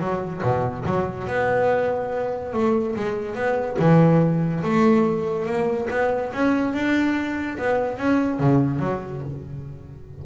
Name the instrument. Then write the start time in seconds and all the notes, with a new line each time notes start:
double bass
0.00 F#3
0.43 B2
0.86 F#3
1.27 B3
2.53 A3
2.96 G#3
3.35 B3
3.79 E3
4.63 A3
5.46 A#3
5.90 B3
6.33 C#4
6.73 D4
7.58 B3
7.98 C#4
8.40 C#3
8.80 F#3